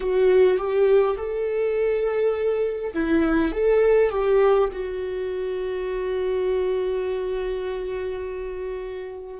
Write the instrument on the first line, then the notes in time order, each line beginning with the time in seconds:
viola
0.00 F#4
0.57 G4
1.17 A4
2.94 E4
3.52 A4
4.10 G4
4.72 F#4